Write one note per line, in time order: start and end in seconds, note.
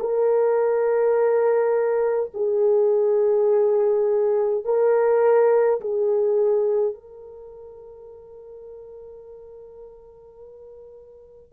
0.00 2.31 A#4
2.34 4.65 G#4
4.65 5.80 A#4
5.81 6.94 G#4
6.94 11.53 A#4